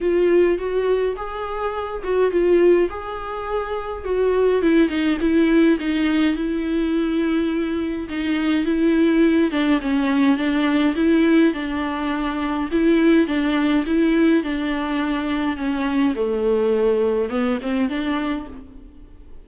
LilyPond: \new Staff \with { instrumentName = "viola" } { \time 4/4 \tempo 4 = 104 f'4 fis'4 gis'4. fis'8 | f'4 gis'2 fis'4 | e'8 dis'8 e'4 dis'4 e'4~ | e'2 dis'4 e'4~ |
e'8 d'8 cis'4 d'4 e'4 | d'2 e'4 d'4 | e'4 d'2 cis'4 | a2 b8 c'8 d'4 | }